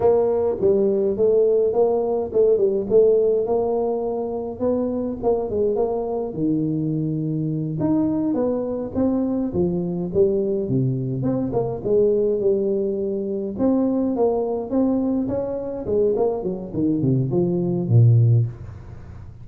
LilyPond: \new Staff \with { instrumentName = "tuba" } { \time 4/4 \tempo 4 = 104 ais4 g4 a4 ais4 | a8 g8 a4 ais2 | b4 ais8 gis8 ais4 dis4~ | dis4. dis'4 b4 c'8~ |
c'8 f4 g4 c4 c'8 | ais8 gis4 g2 c'8~ | c'8 ais4 c'4 cis'4 gis8 | ais8 fis8 dis8 c8 f4 ais,4 | }